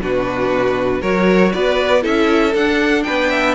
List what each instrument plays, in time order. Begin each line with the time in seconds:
0.00 cello B2, viola D4, violin F#4 B4
1.01 cello F#3, viola F#4, violin A#4 C#5
1.53 cello B3, violin B4 D5
2.02 cello C#4, viola E4, violin A4 E5
2.55 cello D4, viola D4, violin F#5
3.04 cello B3, violin B4 G5
3.30 violin E5